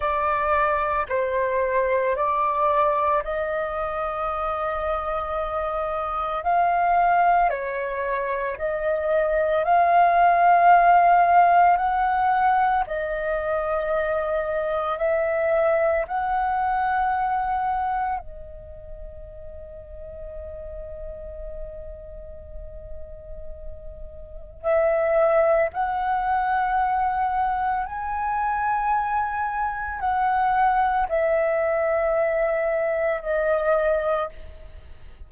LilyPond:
\new Staff \with { instrumentName = "flute" } { \time 4/4 \tempo 4 = 56 d''4 c''4 d''4 dis''4~ | dis''2 f''4 cis''4 | dis''4 f''2 fis''4 | dis''2 e''4 fis''4~ |
fis''4 dis''2.~ | dis''2. e''4 | fis''2 gis''2 | fis''4 e''2 dis''4 | }